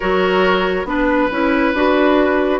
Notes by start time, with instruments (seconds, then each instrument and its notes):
0.00 bassoon F#3, clarinet F#4, oboe A#4, flute C#5
0.84 bassoon B3, clarinet D4, flute B4, oboe B4
1.31 bassoon C#4, clarinet E4
1.74 bassoon D4, clarinet F#4